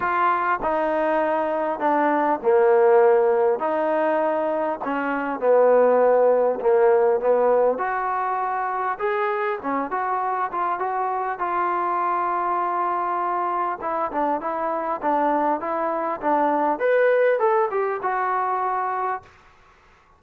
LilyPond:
\new Staff \with { instrumentName = "trombone" } { \time 4/4 \tempo 4 = 100 f'4 dis'2 d'4 | ais2 dis'2 | cis'4 b2 ais4 | b4 fis'2 gis'4 |
cis'8 fis'4 f'8 fis'4 f'4~ | f'2. e'8 d'8 | e'4 d'4 e'4 d'4 | b'4 a'8 g'8 fis'2 | }